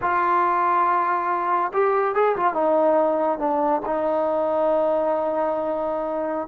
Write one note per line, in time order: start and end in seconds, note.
0.01 1.71 F4
1.73 2.15 G4
2.15 2.36 G#4
2.36 2.53 F4
2.53 3.38 D#4
3.38 3.81 D4
3.85 6.47 D#4